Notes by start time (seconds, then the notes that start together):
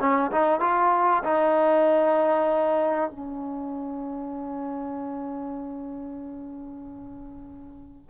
0.00 C#4
0.32 D#4
0.61 F4
1.24 D#4
3.11 C#4